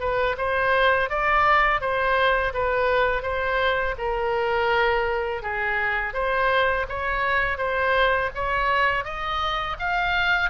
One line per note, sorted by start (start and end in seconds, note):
0.00 0.36 B4
0.37 1.10 C5
1.10 1.81 D5
1.81 2.53 C5
2.54 3.23 B4
3.23 3.95 C5
3.98 5.42 A#4
5.42 6.14 G#4
6.14 6.86 C5
6.89 7.58 C#5
7.58 8.30 C5
8.35 9.05 C#5
9.05 9.77 D#5
9.80 10.50 F5